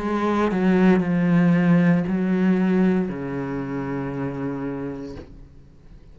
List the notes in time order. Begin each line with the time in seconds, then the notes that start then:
0.00 G#3
0.52 F#3
1.01 F3
2.08 F#3
3.09 C#3